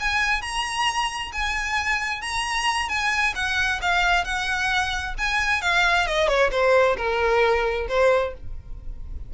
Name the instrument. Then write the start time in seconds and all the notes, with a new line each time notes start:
violin
0.00 G#5
0.41 A#5
1.33 G#5
2.22 A#5
2.89 G#5
3.35 F#5
3.82 F5
4.24 F#5
5.18 G#5
5.62 F5
6.07 D#5
6.28 C#5
6.51 C5
6.97 A#4
7.88 C5